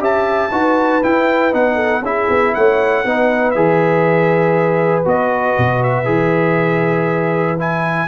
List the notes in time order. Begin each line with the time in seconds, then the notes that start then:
0.00 C#4 G4 E5 A5
0.52 D#4 F#4 B4
1.03 E4 G5
1.53 B3 D#4 F#5
1.75 A4
2.02 C#4 E4 G#4 E5
2.30 B3
2.55 A3 C#5 F#5
3.05 B3 D#4 B4
3.51 E3 G#4 E5
5.05 B3 F#4 D#5
5.58 B2
5.83 E5
6.05 E3 G#4
7.59 E4 G#5